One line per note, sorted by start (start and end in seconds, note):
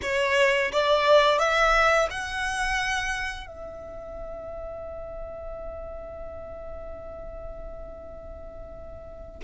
0.02 0.71 C#5
0.72 1.38 D5
1.38 2.08 E5
2.10 3.47 F#5
3.47 9.40 E5